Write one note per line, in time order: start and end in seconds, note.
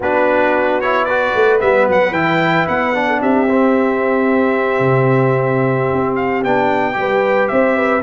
0.00 1.31 B3
0.00 0.82 D4
0.00 1.05 F#4
0.00 0.80 B4
0.80 1.09 E4
0.80 1.04 C#5
1.04 1.59 F#4
1.04 3.06 B4
1.04 1.58 D5
1.34 1.61 A3
1.59 1.88 G3
1.59 2.13 B3
1.59 1.87 E5
1.88 2.11 F#3
1.88 2.13 F#5
2.11 2.64 E3
2.11 2.94 E4
2.11 2.66 G5
2.67 3.22 B3
2.67 3.21 F#5
2.94 3.47 D4
3.06 3.19 A4
3.21 4.79 C4
3.21 6.96 G4
3.21 6.15 E5
3.49 6.44 C4
4.79 5.86 C3
5.92 6.44 C4
6.15 6.42 F5
6.44 6.96 B3
6.44 6.93 D4
6.44 7.48 G5
6.93 7.49 G3
6.93 8.00 G4
6.99 7.52 B4
7.48 8.03 C4
7.48 7.76 C5
7.48 8.01 E5
7.76 8.03 B4